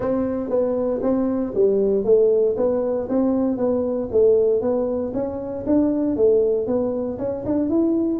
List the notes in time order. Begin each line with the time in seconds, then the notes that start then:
0.00 C4
0.49 B3
1.02 C4
1.54 G3
2.04 A3
2.56 B3
3.08 C4
3.57 B3
4.11 A3
4.61 B3
5.13 C#4
5.66 D4
6.16 A3
6.66 B3
7.18 C#4
7.45 D4
7.69 E4